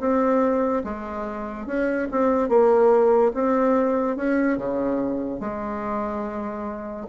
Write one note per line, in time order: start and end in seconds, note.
0.00 0.83 C4
0.84 1.67 G#3
1.67 2.08 C#4
2.11 2.49 C4
2.49 3.32 A#3
3.34 4.17 C4
4.17 4.58 C#4
4.58 5.40 C#3
5.40 7.07 G#3